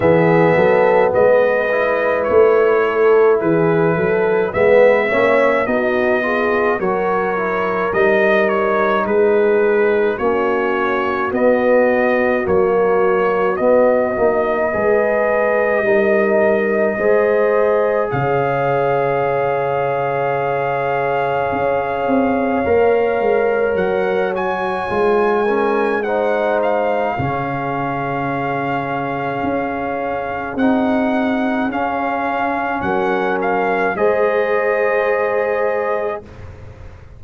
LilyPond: <<
  \new Staff \with { instrumentName = "trumpet" } { \time 4/4 \tempo 4 = 53 e''4 dis''4 cis''4 b'4 | e''4 dis''4 cis''4 dis''8 cis''8 | b'4 cis''4 dis''4 cis''4 | dis''1 |
f''1~ | f''4 fis''8 gis''4. fis''8 f''8~ | f''2. fis''4 | f''4 fis''8 f''8 dis''2 | }
  \new Staff \with { instrumentName = "horn" } { \time 4/4 gis'8 a'8 b'4. a'8 gis'8 a'8 | b'8 cis''8 fis'8 gis'8 ais'2 | gis'4 fis'2.~ | fis'4 b'4 ais'4 c''4 |
cis''1~ | cis''2~ cis''8 ais'8 c''4 | gis'1~ | gis'4 ais'4 c''2 | }
  \new Staff \with { instrumentName = "trombone" } { \time 4/4 b4. e'2~ e'8 | b8 cis'8 dis'8 f'8 fis'8 e'8 dis'4~ | dis'4 cis'4 b4 ais4 | b8 dis'8 gis'4 dis'4 gis'4~ |
gis'1 | ais'4. fis'8 f'8 cis'8 dis'4 | cis'2. dis'4 | cis'2 gis'2 | }
  \new Staff \with { instrumentName = "tuba" } { \time 4/4 e8 fis8 gis4 a4 e8 fis8 | gis8 ais8 b4 fis4 g4 | gis4 ais4 b4 fis4 | b8 ais8 gis4 g4 gis4 |
cis2. cis'8 c'8 | ais8 gis8 fis4 gis2 | cis2 cis'4 c'4 | cis'4 fis4 gis2 | }
>>